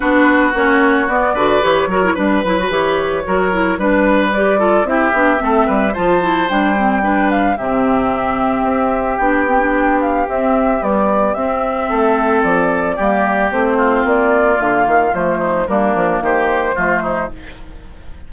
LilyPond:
<<
  \new Staff \with { instrumentName = "flute" } { \time 4/4 \tempo 4 = 111 b'4 cis''4 d''4 cis''4 | b'4 cis''2 b'4 | d''4 e''2 a''4 | g''4. f''8 e''2~ |
e''4 g''4. f''8 e''4 | d''4 e''2 d''4~ | d''4 c''4 d''4 f''4 | c''4 ais'4 c''2 | }
  \new Staff \with { instrumentName = "oboe" } { \time 4/4 fis'2~ fis'8 b'4 ais'8 | b'2 ais'4 b'4~ | b'8 a'8 g'4 a'8 b'8 c''4~ | c''4 b'4 g'2~ |
g'1~ | g'2 a'2 | g'4. f'2~ f'8~ | f'8 dis'8 d'4 g'4 f'8 dis'8 | }
  \new Staff \with { instrumentName = "clarinet" } { \time 4/4 d'4 cis'4 b8 fis'8 g'8 fis'16 e'16 | d'8 e'16 fis'16 g'4 fis'8 e'8 d'4 | g'8 f'8 e'8 d'8 c'4 f'8 e'8 | d'8 c'8 d'4 c'2~ |
c'4 d'8 c'16 d'4~ d'16 c'4 | g4 c'2. | ais4 c'2 ais4 | a4 ais2 a4 | }
  \new Staff \with { instrumentName = "bassoon" } { \time 4/4 b4 ais4 b8 d8 e8 fis8 | g8 fis8 e4 fis4 g4~ | g4 c'8 b8 a8 g8 f4 | g2 c2 |
c'4 b2 c'4 | b4 c'4 a4 f4 | g4 a4 ais4 d8 dis8 | f4 g8 f8 dis4 f4 | }
>>